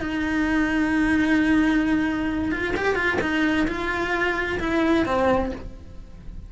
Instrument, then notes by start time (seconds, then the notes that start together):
cello
0.00 D#4
2.52 F4
2.76 G4
2.95 F4
3.21 D#4
3.68 F4
4.60 E4
5.06 C4